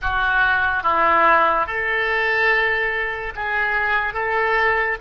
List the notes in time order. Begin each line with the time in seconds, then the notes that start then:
0.01 F#4
0.83 E4
1.66 A4
3.35 G#4
4.13 A4